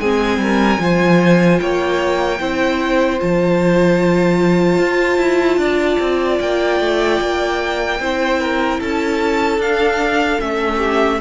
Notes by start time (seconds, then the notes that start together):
0.00 G#3 C4 G#4 G#5
0.38 G3 A#4
0.78 F3 F4 C5
1.60 A#3 C#5 G5
2.41 C4 E4 C5
3.19 F3 F4 A5
4.79 F4
5.18 E4
5.58 D4 D5
6.00 C4
6.40 A#3 G5
6.80 A3
7.21 A#3
8.00 C4 E4 C5
8.41 A#4
8.80 C#4 A4 A5
9.58 D4 F5
10.40 A3 C#4 E5
10.77 G4